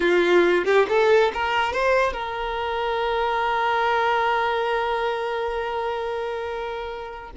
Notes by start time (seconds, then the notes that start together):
0.00 F4
0.64 G4
0.88 A4
1.33 A#4
1.72 C5
2.13 A#4